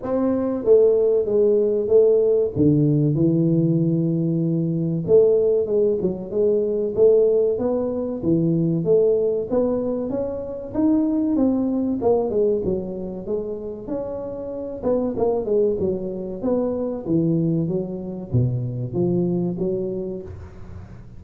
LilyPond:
\new Staff \with { instrumentName = "tuba" } { \time 4/4 \tempo 4 = 95 c'4 a4 gis4 a4 | d4 e2. | a4 gis8 fis8 gis4 a4 | b4 e4 a4 b4 |
cis'4 dis'4 c'4 ais8 gis8 | fis4 gis4 cis'4. b8 | ais8 gis8 fis4 b4 e4 | fis4 b,4 f4 fis4 | }